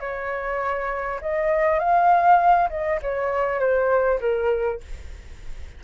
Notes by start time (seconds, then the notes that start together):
0.00 C#5
1.21 D#5
1.79 F5
2.70 D#5
3.02 C#5
3.60 C5
4.21 A#4